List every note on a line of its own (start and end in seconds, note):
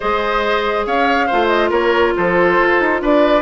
0.00 0.86 G#3
0.00 1.30 G#4
0.00 0.86 C5
0.00 0.85 D#5
0.86 1.29 C#4
0.86 1.26 C#5
0.86 1.47 F5
1.26 1.70 A3
1.26 3.42 F4
1.26 1.69 C5
1.47 1.69 D#5
1.69 2.13 A#3
1.69 2.12 A#4
1.69 2.14 C#5
2.16 2.59 F3
2.16 3.01 A4
2.16 3.02 C5
2.59 2.80 F4
2.80 3.01 D#4
3.01 3.42 D4
3.01 3.42 B4
3.01 3.42 D5